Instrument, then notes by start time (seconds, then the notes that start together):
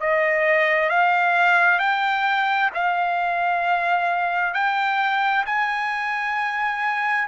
trumpet
0.00 D#5
0.89 F5
1.79 G5
2.74 F5
4.54 G5
5.46 G#5